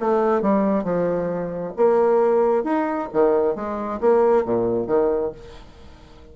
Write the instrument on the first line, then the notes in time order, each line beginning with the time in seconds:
bassoon
0.00 A3
0.42 G3
0.84 F3
1.77 A#3
2.64 D#4
3.13 D#3
3.56 G#3
4.01 A#3
4.45 A#2
4.87 D#3